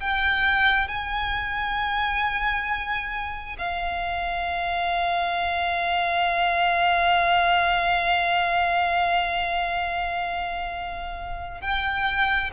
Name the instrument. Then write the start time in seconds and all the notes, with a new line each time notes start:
violin
0.00 G5
0.88 G#5
3.58 F5
11.61 G5